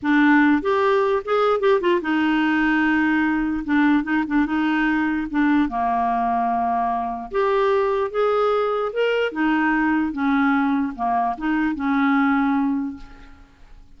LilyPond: \new Staff \with { instrumentName = "clarinet" } { \time 4/4 \tempo 4 = 148 d'4. g'4. gis'4 | g'8 f'8 dis'2.~ | dis'4 d'4 dis'8 d'8 dis'4~ | dis'4 d'4 ais2~ |
ais2 g'2 | gis'2 ais'4 dis'4~ | dis'4 cis'2 ais4 | dis'4 cis'2. | }